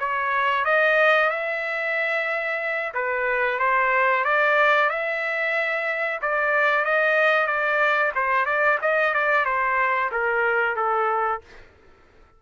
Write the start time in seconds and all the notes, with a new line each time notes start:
0.00 C#5
0.65 D#5
1.30 E5
2.94 B4
3.60 C5
4.25 D5
4.90 E5
6.22 D5
6.85 D#5
7.47 D5
8.16 C5
8.46 D5
8.82 D#5
9.15 D5
9.46 C5
10.12 A#4
10.77 A4